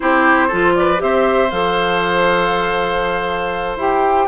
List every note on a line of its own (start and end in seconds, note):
0.00 0.52 C4
0.00 0.49 E4
0.00 0.47 G4
0.00 0.75 C5
0.47 1.01 F3
0.47 0.97 F4
0.47 0.72 A4
0.75 1.02 B4
0.75 1.00 D5
0.97 1.51 C4
0.97 1.48 G4
0.97 4.28 C5
0.97 1.50 E5
1.50 3.76 F3
1.50 3.79 A4
1.50 3.77 F5
3.76 4.26 E4
3.76 4.28 G4
3.76 4.28 G5